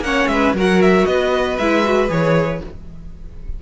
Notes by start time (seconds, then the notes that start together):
0.00 A#3 C#4 C#5 F#5
0.28 G#3 B4 E5
0.54 F#3 F#4 A#4
0.60 F#5
0.82 E5
1.06 B3 B4 D#5
1.58 G#3 E4 E5
1.84 F#4
2.09 E3 G#4 C#5